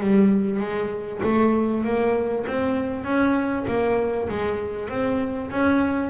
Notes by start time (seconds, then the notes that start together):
0.00 G3
0.60 G#3
1.22 A3
1.84 A#3
2.47 C4
3.04 C#4
3.67 A#3
4.29 G#3
4.89 C4
5.50 C#4